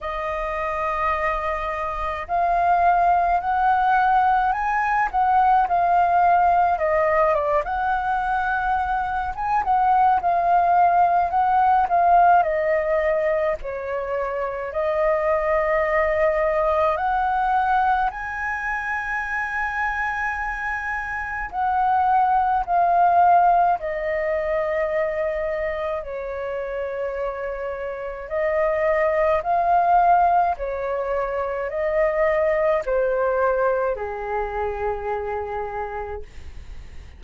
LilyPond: \new Staff \with { instrumentName = "flute" } { \time 4/4 \tempo 4 = 53 dis''2 f''4 fis''4 | gis''8 fis''8 f''4 dis''8 d''16 fis''4~ fis''16~ | fis''16 gis''16 fis''8 f''4 fis''8 f''8 dis''4 | cis''4 dis''2 fis''4 |
gis''2. fis''4 | f''4 dis''2 cis''4~ | cis''4 dis''4 f''4 cis''4 | dis''4 c''4 gis'2 | }